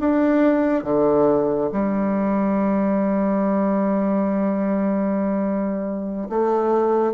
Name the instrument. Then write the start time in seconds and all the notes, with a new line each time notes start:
bassoon
0.00 D4
0.84 D3
1.72 G3
6.30 A3